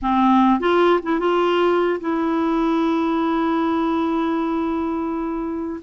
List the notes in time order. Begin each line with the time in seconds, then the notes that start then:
0.01 C4
0.60 F4
1.03 E4
1.19 F4
2.00 E4